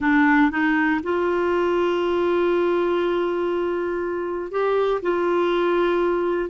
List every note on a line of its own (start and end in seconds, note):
0.00 0.50 D4
0.50 1.00 D#4
1.02 4.51 F4
4.51 5.01 G4
5.01 6.49 F4